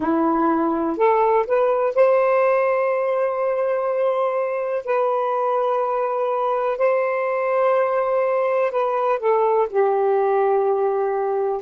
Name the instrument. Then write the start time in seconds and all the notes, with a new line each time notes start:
saxophone
0.00 E4
0.97 A4
1.46 B4
1.95 C5
4.85 B4
6.77 C5
8.71 B4
9.19 A4
9.70 G4